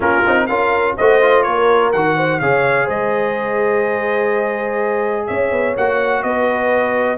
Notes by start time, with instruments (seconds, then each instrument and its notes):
0.00 tuba A#3, trombone C#4, horn F4, trumpet A#4
0.26 tuba C4, trombone D#4
0.46 tuba C#4, trombone F4, horn A#4, trumpet F5
0.97 tuba A3, trombone F#4, horn C5, trumpet D#5
1.22 trombone F4
1.42 tuba A#3, horn A#4, trumpet C#5
1.92 tuba D#3, trombone F#4, trumpet F#5
2.16 horn C5
2.39 tuba C#3, trombone G#4, horn C#5, trumpet F5
2.85 tuba G#3, horn C5, trumpet D#5
5.27 tuba C#4, horn C#5, trumpet E5
5.51 tuba B3
5.76 tuba A#3, trombone F#4, trumpet F#5
6.23 tuba B3, horn B4, trumpet D#5